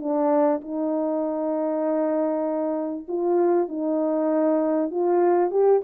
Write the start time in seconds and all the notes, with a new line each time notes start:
0.00 D4
0.62 D#4
3.08 F4
3.69 D#4
4.91 F4
5.51 G4